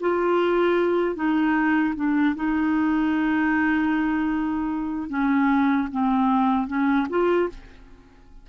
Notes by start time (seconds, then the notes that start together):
0.00 F4
1.16 D#4
1.96 D4
2.35 D#4
5.09 C#4
5.91 C4
6.67 C#4
7.10 F4